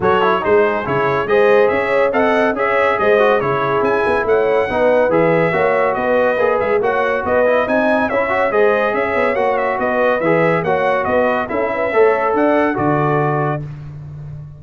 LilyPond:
<<
  \new Staff \with { instrumentName = "trumpet" } { \time 4/4 \tempo 4 = 141 cis''4 c''4 cis''4 dis''4 | e''4 fis''4 e''4 dis''4 | cis''4 gis''4 fis''2 | e''2 dis''4. e''8 |
fis''4 dis''4 gis''4 e''4 | dis''4 e''4 fis''8 e''8 dis''4 | e''4 fis''4 dis''4 e''4~ | e''4 fis''4 d''2 | }
  \new Staff \with { instrumentName = "horn" } { \time 4/4 a'4 gis'2 c''4 | cis''4 dis''4 cis''4 c''4 | gis'2 cis''4 b'4~ | b'4 cis''4 b'2 |
cis''4 b'4 dis''4 cis''4 | c''4 cis''2 b'4~ | b'4 cis''4 b'4 a'8 b'8 | cis''4 d''4 a'2 | }
  \new Staff \with { instrumentName = "trombone" } { \time 4/4 fis'8 e'8 dis'4 e'4 gis'4~ | gis'4 a'4 gis'4. fis'8 | e'2. dis'4 | gis'4 fis'2 gis'4 |
fis'4. e'8 dis'4 e'8 fis'8 | gis'2 fis'2 | gis'4 fis'2 e'4 | a'2 fis'2 | }
  \new Staff \with { instrumentName = "tuba" } { \time 4/4 fis4 gis4 cis4 gis4 | cis'4 c'4 cis'4 gis4 | cis4 cis'8 b8 a4 b4 | e4 ais4 b4 ais8 gis8 |
ais4 b4 c'4 cis'4 | gis4 cis'8 b8 ais4 b4 | e4 ais4 b4 cis'4 | a4 d'4 d2 | }
>>